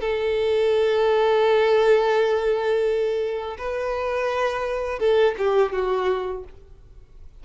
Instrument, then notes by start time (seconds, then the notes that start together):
violin
0.00 A4
3.58 B4
4.99 A4
5.38 G4
5.72 F#4